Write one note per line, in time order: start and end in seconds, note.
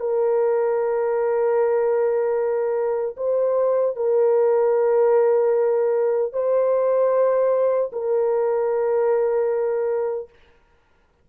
0.00 3.16 A#4
3.17 3.95 C5
3.96 6.33 A#4
6.33 7.91 C5
7.92 10.29 A#4